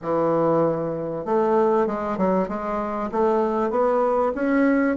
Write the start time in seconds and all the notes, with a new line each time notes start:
0.02 E3
1.25 A3
1.86 G#3
2.17 F#3
2.48 G#3
3.11 A3
3.70 B3
4.35 C#4